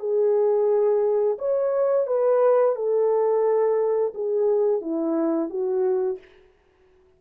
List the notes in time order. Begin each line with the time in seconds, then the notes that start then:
0.00 G#4
1.39 C#5
2.07 B4
2.76 A4
4.15 G#4
4.82 E4
5.50 F#4